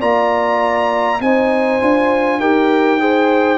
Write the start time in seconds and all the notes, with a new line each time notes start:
0.00 A#3 F4 D5 A#5
1.20 C4 D#4 C5 G#5
1.81 D4 F4
2.39 D#4 G4 A#4 G5
3.00 G#4 C5